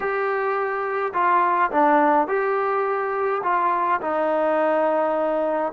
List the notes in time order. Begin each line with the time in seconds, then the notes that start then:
0.00 G4
1.13 F4
1.71 D4
2.27 G4
3.43 F4
4.01 D#4